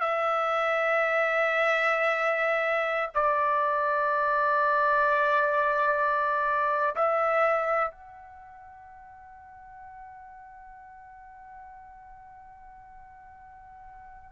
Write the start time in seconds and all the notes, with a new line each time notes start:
0.00 E5
3.14 D5
6.95 E5
7.91 F#5